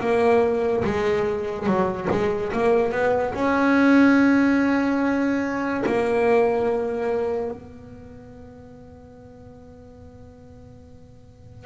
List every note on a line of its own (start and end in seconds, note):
0.00 0.83 A#3
0.84 1.66 G#3
1.66 2.08 F#3
2.10 2.52 G#3
2.52 2.91 A#3
2.91 3.33 B3
3.34 5.84 C#4
5.86 7.51 A#3
7.51 11.66 B3